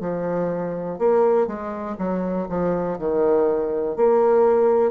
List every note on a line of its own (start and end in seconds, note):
0.00 0.98 F3
0.98 1.47 A#3
1.47 1.96 G#3
1.98 2.47 F#3
2.49 2.98 F3
2.98 3.96 D#3
3.96 4.91 A#3